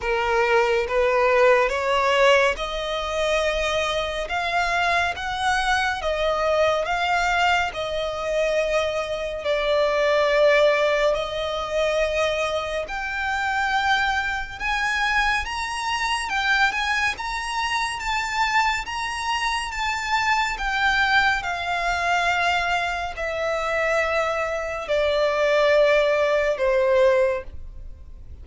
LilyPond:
\new Staff \with { instrumentName = "violin" } { \time 4/4 \tempo 4 = 70 ais'4 b'4 cis''4 dis''4~ | dis''4 f''4 fis''4 dis''4 | f''4 dis''2 d''4~ | d''4 dis''2 g''4~ |
g''4 gis''4 ais''4 g''8 gis''8 | ais''4 a''4 ais''4 a''4 | g''4 f''2 e''4~ | e''4 d''2 c''4 | }